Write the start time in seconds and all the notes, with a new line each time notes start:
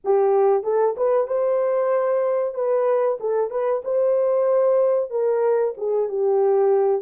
0.04 G4
0.63 A4
0.97 B4
1.27 C5
2.54 B4
3.20 A4
3.50 B4
3.84 C5
5.10 A#4
5.77 G#4
6.08 G4